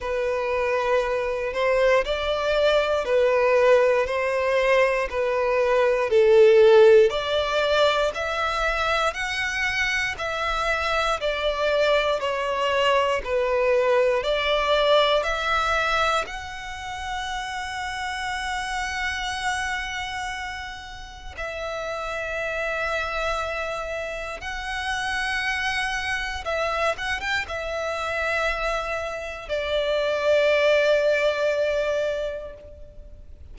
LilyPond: \new Staff \with { instrumentName = "violin" } { \time 4/4 \tempo 4 = 59 b'4. c''8 d''4 b'4 | c''4 b'4 a'4 d''4 | e''4 fis''4 e''4 d''4 | cis''4 b'4 d''4 e''4 |
fis''1~ | fis''4 e''2. | fis''2 e''8 fis''16 g''16 e''4~ | e''4 d''2. | }